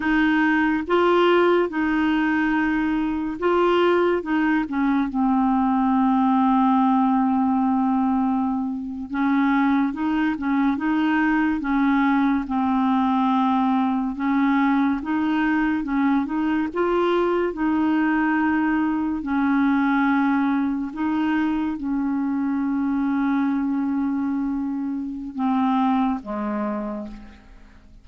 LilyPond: \new Staff \with { instrumentName = "clarinet" } { \time 4/4 \tempo 4 = 71 dis'4 f'4 dis'2 | f'4 dis'8 cis'8 c'2~ | c'2~ c'8. cis'4 dis'16~ | dis'16 cis'8 dis'4 cis'4 c'4~ c'16~ |
c'8. cis'4 dis'4 cis'8 dis'8 f'16~ | f'8. dis'2 cis'4~ cis'16~ | cis'8. dis'4 cis'2~ cis'16~ | cis'2 c'4 gis4 | }